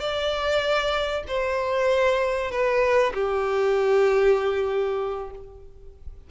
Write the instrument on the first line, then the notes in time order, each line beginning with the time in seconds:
violin
0.00 D5
1.28 C5
2.51 B4
3.14 G4